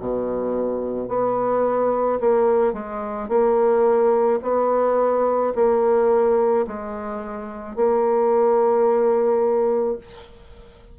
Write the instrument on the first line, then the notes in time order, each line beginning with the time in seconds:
bassoon
0.00 B2
1.09 B3
2.21 A#3
2.73 G#3
3.29 A#3
4.43 B3
5.56 A#3
6.67 G#3
7.76 A#3